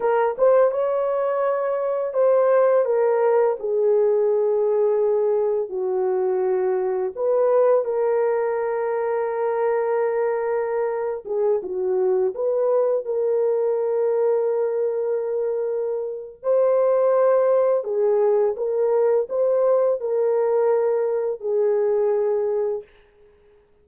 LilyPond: \new Staff \with { instrumentName = "horn" } { \time 4/4 \tempo 4 = 84 ais'8 c''8 cis''2 c''4 | ais'4 gis'2. | fis'2 b'4 ais'4~ | ais'2.~ ais'8. gis'16~ |
gis'16 fis'4 b'4 ais'4.~ ais'16~ | ais'2. c''4~ | c''4 gis'4 ais'4 c''4 | ais'2 gis'2 | }